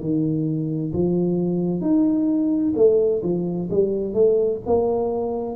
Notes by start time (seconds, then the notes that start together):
0.00 D#3
0.93 F3
1.81 D#4
2.76 A3
3.23 F3
3.70 G3
4.14 A3
4.66 A#3